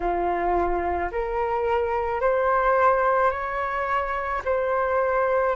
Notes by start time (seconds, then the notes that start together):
0.00 F4
1.11 A#4
2.20 C5
3.30 C#5
4.44 C5